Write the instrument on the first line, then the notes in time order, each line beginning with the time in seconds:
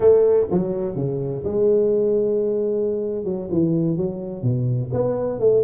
tuba
0.00 A3
0.50 F#3
0.95 C#3
1.44 G#3
3.24 F#3
3.50 E3
3.96 F#3
4.42 B2
4.92 B3
5.39 A3